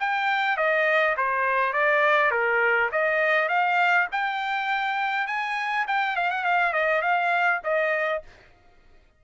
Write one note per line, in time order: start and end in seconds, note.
0.00 0.57 G5
0.57 1.16 D#5
1.17 1.73 C5
1.73 2.31 D5
2.31 2.90 A#4
2.92 3.49 D#5
3.49 4.08 F5
4.12 5.27 G5
5.27 5.86 G#5
5.88 6.17 G5
6.17 6.31 F5
6.31 6.44 F#5
6.44 6.73 F5
6.73 7.02 D#5
7.02 7.61 F5
7.64 8.23 D#5